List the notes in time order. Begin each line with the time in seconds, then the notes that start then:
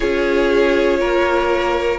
0.00 C#4 F4 G#4 C#5
1.00 A#3 A#4